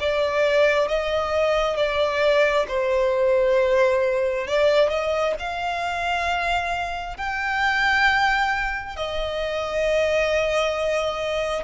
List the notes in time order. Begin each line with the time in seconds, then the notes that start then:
0.00 D5
0.88 D#5
1.77 D5
2.68 C5
4.47 D5
4.90 D#5
5.40 F5
7.18 G5
8.97 D#5